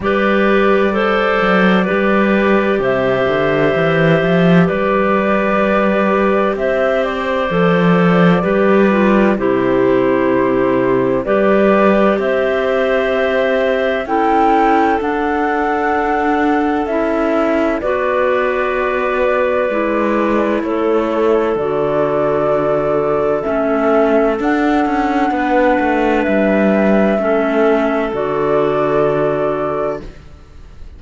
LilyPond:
<<
  \new Staff \with { instrumentName = "flute" } { \time 4/4 \tempo 4 = 64 d''2. e''4~ | e''4 d''2 e''8 d''8~ | d''2 c''2 | d''4 e''2 g''4 |
fis''2 e''4 d''4~ | d''2 cis''4 d''4~ | d''4 e''4 fis''2 | e''2 d''2 | }
  \new Staff \with { instrumentName = "clarinet" } { \time 4/4 b'4 c''4 b'4 c''4~ | c''4 b'2 c''4~ | c''4 b'4 g'2 | b'4 c''2 a'4~ |
a'2. b'4~ | b'2 a'2~ | a'2. b'4~ | b'4 a'2. | }
  \new Staff \with { instrumentName = "clarinet" } { \time 4/4 g'4 a'4 g'2~ | g'1 | a'4 g'8 f'8 e'2 | g'2. e'4 |
d'2 e'4 fis'4~ | fis'4 e'2 fis'4~ | fis'4 cis'4 d'2~ | d'4 cis'4 fis'2 | }
  \new Staff \with { instrumentName = "cello" } { \time 4/4 g4. fis8 g4 c8 d8 | e8 f8 g2 c'4 | f4 g4 c2 | g4 c'2 cis'4 |
d'2 cis'4 b4~ | b4 gis4 a4 d4~ | d4 a4 d'8 cis'8 b8 a8 | g4 a4 d2 | }
>>